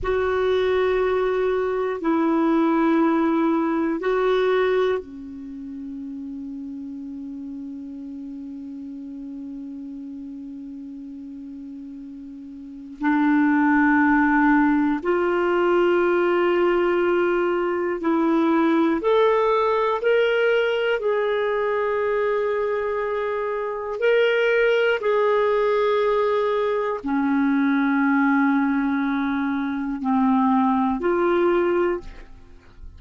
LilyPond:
\new Staff \with { instrumentName = "clarinet" } { \time 4/4 \tempo 4 = 60 fis'2 e'2 | fis'4 cis'2.~ | cis'1~ | cis'4 d'2 f'4~ |
f'2 e'4 a'4 | ais'4 gis'2. | ais'4 gis'2 cis'4~ | cis'2 c'4 f'4 | }